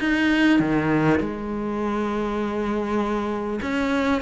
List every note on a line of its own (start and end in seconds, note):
0.00 0.60 D#4
0.60 1.20 D#3
1.21 3.61 G#3
3.62 4.22 C#4